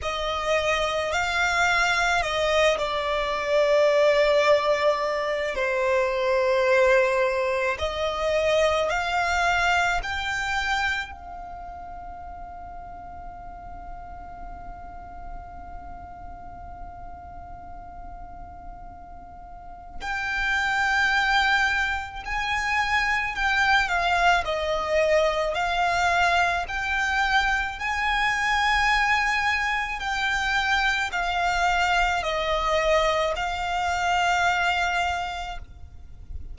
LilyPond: \new Staff \with { instrumentName = "violin" } { \time 4/4 \tempo 4 = 54 dis''4 f''4 dis''8 d''4.~ | d''4 c''2 dis''4 | f''4 g''4 f''2~ | f''1~ |
f''2 g''2 | gis''4 g''8 f''8 dis''4 f''4 | g''4 gis''2 g''4 | f''4 dis''4 f''2 | }